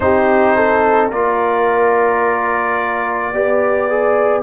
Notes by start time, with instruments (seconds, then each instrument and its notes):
0.00 tuba C4, trombone D#4, horn G4, trumpet C5
0.56 horn A4
1.09 tuba A#3, trombone F4, horn A#4, trumpet D5
3.32 tuba B3, trombone G4, horn D5
3.89 trombone G#4